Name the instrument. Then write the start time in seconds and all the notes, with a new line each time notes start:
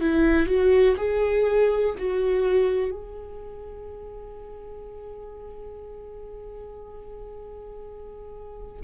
viola
0.00 E4
0.46 F#4
0.97 G#4
1.98 F#4
2.91 G#4